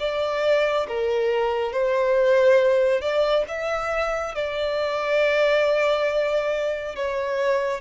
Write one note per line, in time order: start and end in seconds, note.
0.00 0.87 D5
0.88 1.72 A#4
1.72 3.02 C5
3.02 3.45 D5
3.48 4.35 E5
4.35 6.96 D5
6.96 7.81 C#5